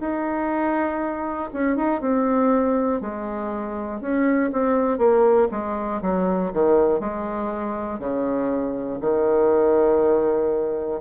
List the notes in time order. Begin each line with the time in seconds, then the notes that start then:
0.00 D#4
1.53 C#4
1.76 D#4
2.00 C4
3.00 G#3
4.00 C#4
4.52 C4
4.98 A#3
5.50 G#3
6.01 F#3
6.53 D#3
7.00 G#3
7.99 C#3
9.00 D#3